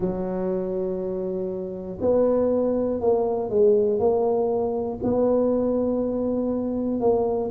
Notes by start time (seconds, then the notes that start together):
0.00 F#3
2.00 B3
3.00 A#3
3.49 G#3
3.99 A#3
5.03 B3
7.00 A#3